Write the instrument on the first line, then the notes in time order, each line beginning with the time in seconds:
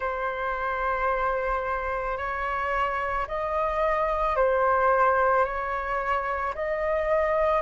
flute
0.00 C5
2.17 C#5
3.27 D#5
4.35 C5
5.44 C#5
6.55 D#5